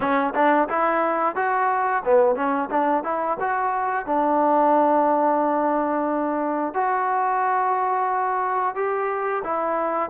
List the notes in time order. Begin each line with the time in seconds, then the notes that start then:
0.00 C#4
0.34 D4
0.68 E4
1.35 F#4
2.04 B3
2.35 C#4
2.70 D4
3.03 E4
3.40 F#4
4.06 D4
6.74 F#4
8.75 G4
9.44 E4